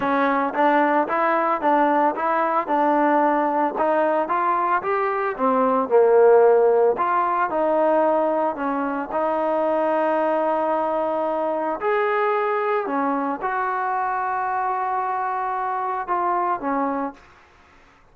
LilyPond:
\new Staff \with { instrumentName = "trombone" } { \time 4/4 \tempo 4 = 112 cis'4 d'4 e'4 d'4 | e'4 d'2 dis'4 | f'4 g'4 c'4 ais4~ | ais4 f'4 dis'2 |
cis'4 dis'2.~ | dis'2 gis'2 | cis'4 fis'2.~ | fis'2 f'4 cis'4 | }